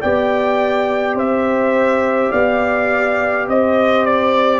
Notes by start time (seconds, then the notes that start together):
0.00 B3 G4 D5 G5
1.14 C4 C5 E5
2.30 B3 D5 F5
3.47 C4 C5 D#5
4.06 D5